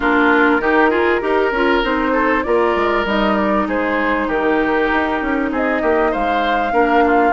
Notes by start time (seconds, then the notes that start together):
0.00 A#3 D4 F4 A#4
0.59 D#3 D#4 G4
0.89 F4 G#4
1.21 D#4 G4 A#4
1.51 C#4 F4
1.83 C4 D#4 C5
2.12 A4
2.43 A#3 F4 A#4 D5
2.75 G#3
3.05 G3 D#4 D#5
3.36 D5
3.67 G#3 G#4 C5
4.27 D#3 G4 A#4
4.92 D#4
5.21 C#4
5.51 C4 G#4 D#5
5.82 A#3 G4
6.11 G#3 C5 F5
6.72 A#3 D4 A#4
7.05 F4